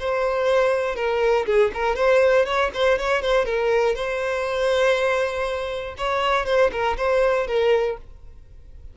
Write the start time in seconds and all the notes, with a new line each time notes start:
0.00 C5
0.96 A#4
1.47 G#4
1.74 A#4
1.96 C5
2.46 C#5
2.74 C5
2.99 C#5
3.22 C5
3.46 A#4
3.96 C5
5.98 C#5
6.46 C5
6.72 A#4
6.97 C5
7.48 A#4